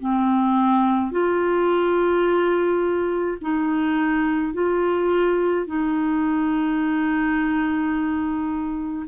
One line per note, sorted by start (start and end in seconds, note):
0.00 1.12 C4
1.12 3.38 F4
3.42 4.54 D#4
4.54 5.67 F4
5.67 9.07 D#4